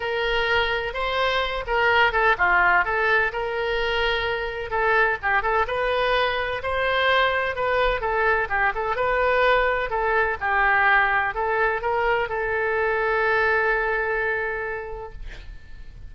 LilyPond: \new Staff \with { instrumentName = "oboe" } { \time 4/4 \tempo 4 = 127 ais'2 c''4. ais'8~ | ais'8 a'8 f'4 a'4 ais'4~ | ais'2 a'4 g'8 a'8 | b'2 c''2 |
b'4 a'4 g'8 a'8 b'4~ | b'4 a'4 g'2 | a'4 ais'4 a'2~ | a'1 | }